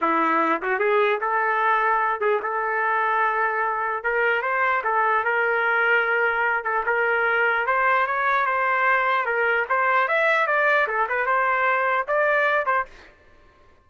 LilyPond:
\new Staff \with { instrumentName = "trumpet" } { \time 4/4 \tempo 4 = 149 e'4. fis'8 gis'4 a'4~ | a'4. gis'8 a'2~ | a'2 ais'4 c''4 | a'4 ais'2.~ |
ais'8 a'8 ais'2 c''4 | cis''4 c''2 ais'4 | c''4 e''4 d''4 a'8 b'8 | c''2 d''4. c''8 | }